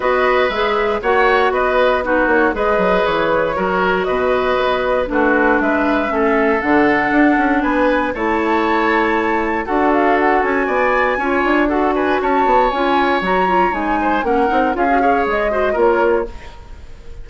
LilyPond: <<
  \new Staff \with { instrumentName = "flute" } { \time 4/4 \tempo 4 = 118 dis''4 e''4 fis''4 dis''4 | b'8 cis''8 dis''4 cis''2 | dis''2 b'4 e''4~ | e''4 fis''2 gis''4 |
a''2. fis''8 f''8 | fis''8 gis''2~ gis''8 fis''8 gis''8 | a''4 gis''4 ais''4 gis''4 | fis''4 f''4 dis''4 cis''4 | }
  \new Staff \with { instrumentName = "oboe" } { \time 4/4 b'2 cis''4 b'4 | fis'4 b'2 ais'4 | b'2 fis'4 b'4 | a'2. b'4 |
cis''2. a'4~ | a'4 d''4 cis''4 a'8 b'8 | cis''2.~ cis''8 c''8 | ais'4 gis'8 cis''4 c''8 ais'4 | }
  \new Staff \with { instrumentName = "clarinet" } { \time 4/4 fis'4 gis'4 fis'2 | dis'4 gis'2 fis'4~ | fis'2 d'2 | cis'4 d'2. |
e'2. fis'4~ | fis'2 f'4 fis'4~ | fis'4 f'4 fis'8 f'8 dis'4 | cis'8 dis'8 f'16 fis'16 gis'4 fis'8 f'4 | }
  \new Staff \with { instrumentName = "bassoon" } { \time 4/4 b4 gis4 ais4 b4~ | b8 ais8 gis8 fis8 e4 fis4 | b,4 b4 a4 gis4 | a4 d4 d'8 cis'8 b4 |
a2. d'4~ | d'8 cis'8 b4 cis'8 d'4. | cis'8 b8 cis'4 fis4 gis4 | ais8 c'8 cis'4 gis4 ais4 | }
>>